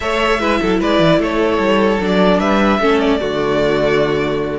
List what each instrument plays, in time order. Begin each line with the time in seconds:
0.00 cello A3, viola A4, violin C#5 E5
0.39 cello G#3, viola E4, violin B4
0.60 cello F#3, violin A4
0.79 cello G#3, violin B4 D5
0.99 cello E3
1.17 cello A3, violin A4 C#5
1.58 cello G3
2.00 cello F#3, viola D4, violin D5
2.39 cello G3, violin B4 E5
2.79 cello A3, viola C#4, violin A4
2.99 violin D5
3.19 cello D3, viola A3, violin F#4